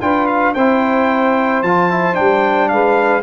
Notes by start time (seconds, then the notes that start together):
0.00 D4 F4 B4 G5
0.26 F5
0.54 C4 E4 C5 G5
1.62 F3 F4 A5
1.90 E4
2.13 G3 D4 G5
2.68 G#3 B4 F5